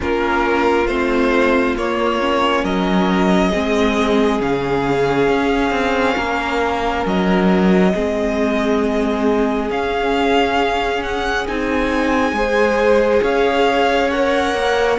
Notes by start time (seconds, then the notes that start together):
0.00 A#3 C#4 F4 A#4
0.86 A3 C4 C5
1.77 A#3 C#5
2.20 C#4
2.63 F#3 A#4 D#5
3.49 G#3 C4 G#4
4.40 C#3 C#4 F5
5.28 C#4
5.70 C4
6.16 A#3 A#4
7.05 F#3 D#5
7.94 G#3 C4 G#4
9.69 C#4 F5
11.02 F#5
11.47 C4 D#4 G#5
12.32 G#3 G#4 C5
13.22 C#4 C#5 F5
14.10 A#4 F#5
14.53 A#3